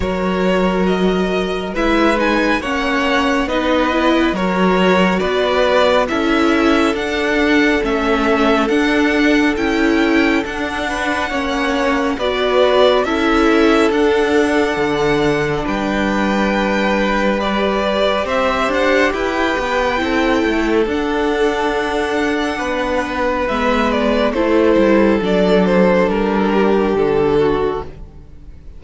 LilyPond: <<
  \new Staff \with { instrumentName = "violin" } { \time 4/4 \tempo 4 = 69 cis''4 dis''4 e''8 gis''8 fis''4 | dis''4 cis''4 d''4 e''4 | fis''4 e''4 fis''4 g''4 | fis''2 d''4 e''4 |
fis''2 g''2 | d''4 e''8 fis''8 g''2 | fis''2. e''8 d''8 | c''4 d''8 c''8 ais'4 a'4 | }
  \new Staff \with { instrumentName = "violin" } { \time 4/4 ais'2 b'4 cis''4 | b'4 ais'4 b'4 a'4~ | a'1~ | a'8 b'8 cis''4 b'4 a'4~ |
a'2 b'2~ | b'4 c''4 b'4 a'4~ | a'2 b'2 | a'2~ a'8 g'4 fis'8 | }
  \new Staff \with { instrumentName = "viola" } { \time 4/4 fis'2 e'8 dis'8 cis'4 | dis'8 e'8 fis'2 e'4 | d'4 cis'4 d'4 e'4 | d'4 cis'4 fis'4 e'4 |
d'1 | g'2. e'4 | d'2. b4 | e'4 d'2. | }
  \new Staff \with { instrumentName = "cello" } { \time 4/4 fis2 gis4 ais4 | b4 fis4 b4 cis'4 | d'4 a4 d'4 cis'4 | d'4 ais4 b4 cis'4 |
d'4 d4 g2~ | g4 c'8 d'8 e'8 b8 c'8 a8 | d'2 b4 gis4 | a8 g8 fis4 g4 d4 | }
>>